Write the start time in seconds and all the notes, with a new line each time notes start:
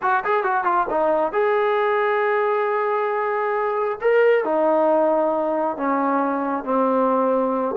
0.02 F#4
0.24 G#4
0.43 F#4
0.64 F4
0.90 D#4
1.32 G#4
4.01 A#4
4.44 D#4
5.77 C#4
6.64 C4